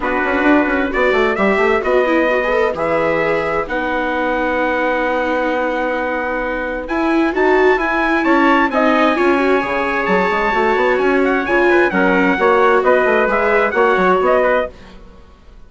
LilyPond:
<<
  \new Staff \with { instrumentName = "trumpet" } { \time 4/4 \tempo 4 = 131 b'2 d''4 e''4 | dis''2 e''2 | fis''1~ | fis''2. gis''4 |
a''4 gis''4 a''4 gis''4~ | gis''2 a''2 | gis''8 fis''8 gis''4 fis''2 | dis''4 e''4 fis''4 dis''4 | }
  \new Staff \with { instrumentName = "trumpet" } { \time 4/4 fis'2 b'2~ | b'1~ | b'1~ | b'1~ |
b'2 cis''4 dis''4 | cis''1~ | cis''4. b'8 ais'4 cis''4 | b'2 cis''4. b'8 | }
  \new Staff \with { instrumentName = "viola" } { \time 4/4 d'2 fis'4 g'4 | fis'8 e'8 fis'16 gis'16 a'8 gis'2 | dis'1~ | dis'2. e'4 |
fis'4 e'2 dis'4 | f'8 fis'8 gis'2 fis'4~ | fis'4 f'4 cis'4 fis'4~ | fis'4 gis'4 fis'2 | }
  \new Staff \with { instrumentName = "bassoon" } { \time 4/4 b8 cis'8 d'8 cis'8 b8 a8 g8 a8 | b2 e2 | b1~ | b2. e'4 |
dis'4 e'4 cis'4 c'4 | cis'4 cis4 fis8 gis8 a8 b8 | cis'4 cis4 fis4 ais4 | b8 a8 gis4 ais8 fis8 b4 | }
>>